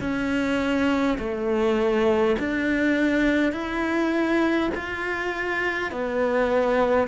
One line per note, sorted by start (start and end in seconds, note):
0.00 1.18 C#4
1.18 2.36 A3
2.39 3.52 D4
3.52 4.70 E4
4.74 5.91 F4
5.91 7.07 B3